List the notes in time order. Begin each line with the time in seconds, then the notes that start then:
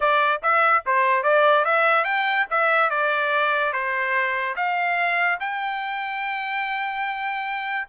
0.00 D5
0.42 E5
0.86 C5
1.23 D5
1.64 E5
2.04 G5
2.50 E5
2.90 D5
3.72 C5
4.56 F5
5.39 G5